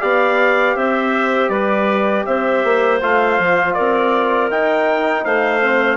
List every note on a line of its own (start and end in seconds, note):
0.00 0.76 B3
0.00 3.00 G4
0.00 0.76 D5
0.00 0.77 F5
0.76 1.49 C4
0.76 1.51 C5
0.76 1.50 E5
1.49 2.24 G3
1.49 2.26 B4
1.49 2.25 D5
2.26 2.64 C4
2.26 3.75 C5
2.26 3.01 E5
2.64 3.02 A#3
3.01 3.39 A3
3.01 4.50 F4
3.01 3.74 F5
3.39 3.77 F3
3.74 4.50 C4
3.74 5.25 A#4
3.74 4.49 D5
4.50 5.62 D#4
4.50 5.25 D#4
4.50 5.25 G5
5.25 5.97 A3
5.25 5.97 C5
5.25 5.97 F5
5.62 5.97 C4